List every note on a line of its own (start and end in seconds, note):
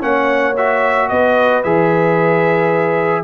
0.00 1.11 A#3
0.00 0.54 C#4
0.00 1.09 C#5
0.00 0.57 F#5
0.57 1.64 F#4
0.57 1.09 E5
1.09 1.65 B3
1.09 3.25 B4
1.09 1.63 D#5
1.64 3.25 E3
1.64 3.25 G#4
1.64 3.25 E5